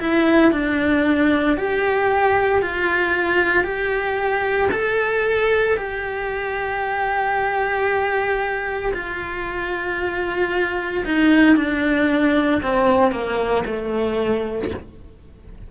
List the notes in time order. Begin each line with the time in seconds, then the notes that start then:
0.00 E4
0.52 D4
1.57 G4
2.62 F4
3.64 G4
4.72 A4
5.77 G4
8.94 F4
11.05 D#4
11.56 D4
12.62 C4
13.11 A#3
13.66 A3